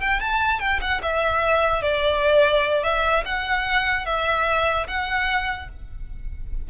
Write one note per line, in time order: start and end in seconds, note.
0.00 0.20 G5
0.20 0.59 A5
0.59 0.80 G5
0.81 1.01 F#5
1.02 1.82 E5
1.82 2.83 D5
2.83 3.24 E5
3.25 4.05 F#5
4.05 4.86 E5
4.87 5.68 F#5